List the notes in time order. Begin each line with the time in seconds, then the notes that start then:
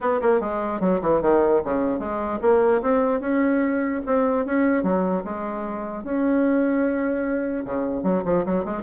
0.00 B3
0.21 A#3
0.40 G#3
0.80 F#3
1.01 E3
1.21 D#3
1.64 C#3
1.99 G#3
2.41 A#3
2.82 C4
3.20 C#4
4.06 C4
4.45 C#4
4.83 F#3
5.24 G#3
6.04 C#4
7.65 C#3
8.03 F#3
8.25 F3
8.45 F#3
8.65 G#3